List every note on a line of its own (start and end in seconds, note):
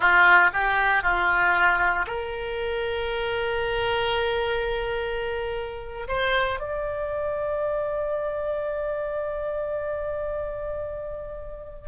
0.00 0.50 F4
0.53 1.02 G4
1.02 2.06 F4
2.06 6.07 A#4
6.08 6.59 C5
6.59 11.88 D5